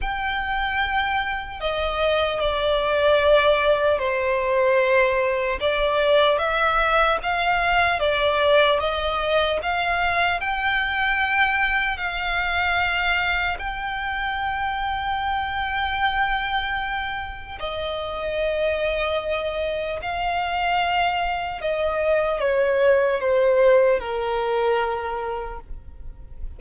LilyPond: \new Staff \with { instrumentName = "violin" } { \time 4/4 \tempo 4 = 75 g''2 dis''4 d''4~ | d''4 c''2 d''4 | e''4 f''4 d''4 dis''4 | f''4 g''2 f''4~ |
f''4 g''2.~ | g''2 dis''2~ | dis''4 f''2 dis''4 | cis''4 c''4 ais'2 | }